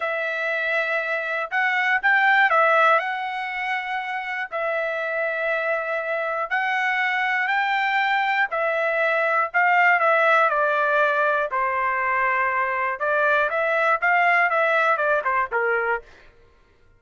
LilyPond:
\new Staff \with { instrumentName = "trumpet" } { \time 4/4 \tempo 4 = 120 e''2. fis''4 | g''4 e''4 fis''2~ | fis''4 e''2.~ | e''4 fis''2 g''4~ |
g''4 e''2 f''4 | e''4 d''2 c''4~ | c''2 d''4 e''4 | f''4 e''4 d''8 c''8 ais'4 | }